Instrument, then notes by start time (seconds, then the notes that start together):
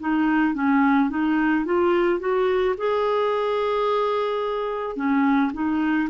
clarinet
0.00 D#4
0.54 C#4
1.09 D#4
1.65 F4
2.19 F#4
2.77 G#4
4.95 C#4
5.53 D#4